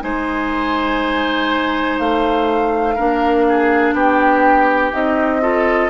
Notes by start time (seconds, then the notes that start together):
0.00 G#3 D#4 C5 G#5
1.99 A3 F5
2.95 A#3 D4 A#4
3.49 G#4
3.93 B3 G4 G5
4.92 C4 D#4 D#5
5.41 F4 A4